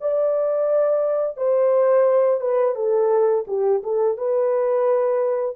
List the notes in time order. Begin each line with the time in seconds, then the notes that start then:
0.00 D5
1.37 C5
2.40 B4
2.75 A4
3.47 G4
3.82 A4
4.17 B4